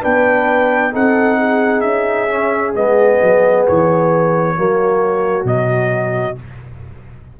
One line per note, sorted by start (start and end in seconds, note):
0.00 0.94 B3
0.00 0.91 D4
0.00 0.91 B4
0.00 0.94 G5
0.91 1.83 C4
0.91 2.28 D#4
0.91 1.38 A4
0.91 1.80 F#5
1.38 4.56 G#4
1.80 2.74 C#4
1.80 2.71 E5
2.28 2.74 C#4
2.74 3.20 G#3
2.74 4.55 B3
2.74 3.66 D#5
3.22 3.67 F#3
3.67 4.58 E3
3.67 5.46 C#5
4.55 5.44 F#3
4.55 5.45 A#3
4.55 6.39 F#4
5.44 6.35 B2
5.44 6.36 F#3
5.44 6.37 D#5